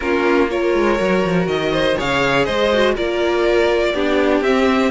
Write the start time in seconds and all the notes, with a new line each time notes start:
0.00 A#3 C#4 F4 A#4
0.48 F4 A#4 C#5
0.74 G#3
0.97 F#3 F#4
1.24 F3
1.46 D#3 D#5
1.72 C5
1.97 C#3 G#4 C#5 F5
2.45 G#3 C5 D#5
2.73 F#4
2.94 A#3 F4 A#4 D5
3.94 B3 D4 G4
4.41 C4 E5